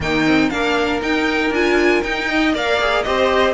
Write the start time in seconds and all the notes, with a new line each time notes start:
0.00 D#3 A#3 D#4 G5
0.26 C4
0.49 A#3 D4 A#4 F5
1.01 D#4 G5
1.50 D4 F4 G#5
2.03 D#4 G5
2.28 D#5
2.53 A#3 A#4 D5 F5
2.80 G#4
3.02 C4 G4 C5 D#5